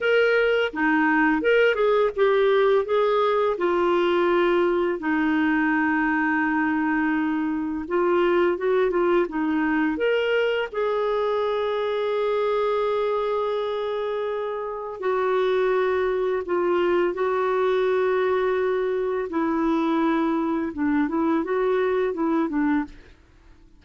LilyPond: \new Staff \with { instrumentName = "clarinet" } { \time 4/4 \tempo 4 = 84 ais'4 dis'4 ais'8 gis'8 g'4 | gis'4 f'2 dis'4~ | dis'2. f'4 | fis'8 f'8 dis'4 ais'4 gis'4~ |
gis'1~ | gis'4 fis'2 f'4 | fis'2. e'4~ | e'4 d'8 e'8 fis'4 e'8 d'8 | }